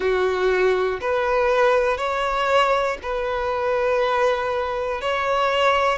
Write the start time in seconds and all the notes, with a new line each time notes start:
0.00 F#4
1.00 B4
1.97 C#5
3.02 B4
5.00 C#5